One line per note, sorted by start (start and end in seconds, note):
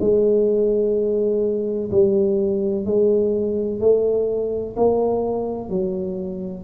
0.00 1.90 G#3
1.91 2.85 G3
2.85 3.80 G#3
3.80 4.75 A3
4.76 5.69 A#3
5.69 6.64 F#3